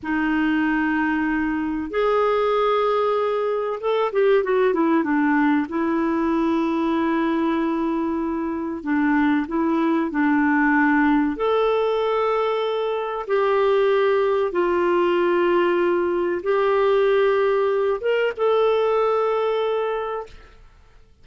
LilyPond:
\new Staff \with { instrumentName = "clarinet" } { \time 4/4 \tempo 4 = 95 dis'2. gis'4~ | gis'2 a'8 g'8 fis'8 e'8 | d'4 e'2.~ | e'2 d'4 e'4 |
d'2 a'2~ | a'4 g'2 f'4~ | f'2 g'2~ | g'8 ais'8 a'2. | }